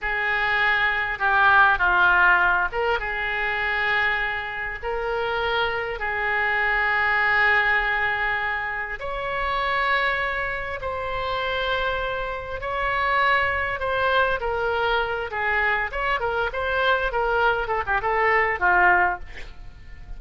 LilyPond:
\new Staff \with { instrumentName = "oboe" } { \time 4/4 \tempo 4 = 100 gis'2 g'4 f'4~ | f'8 ais'8 gis'2. | ais'2 gis'2~ | gis'2. cis''4~ |
cis''2 c''2~ | c''4 cis''2 c''4 | ais'4. gis'4 cis''8 ais'8 c''8~ | c''8 ais'4 a'16 g'16 a'4 f'4 | }